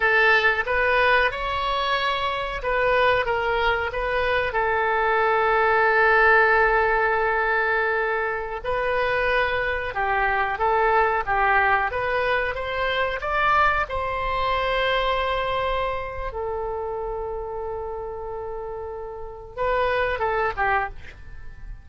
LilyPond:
\new Staff \with { instrumentName = "oboe" } { \time 4/4 \tempo 4 = 92 a'4 b'4 cis''2 | b'4 ais'4 b'4 a'4~ | a'1~ | a'4~ a'16 b'2 g'8.~ |
g'16 a'4 g'4 b'4 c''8.~ | c''16 d''4 c''2~ c''8.~ | c''4 a'2.~ | a'2 b'4 a'8 g'8 | }